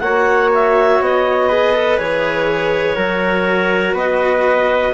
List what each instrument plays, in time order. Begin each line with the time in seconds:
0.00 bassoon A#3, cello F#4, trumpet C#5, clarinet F#5
0.54 clarinet E5
1.00 bassoon B3, clarinet D#5
1.49 cello G#4, trumpet B4
1.74 cello A4
1.98 bassoon E3, cello G#4, clarinet C#5
2.96 bassoon F#3, cello F#4, trumpet A#4
3.93 bassoon B3, trumpet B4, clarinet D#5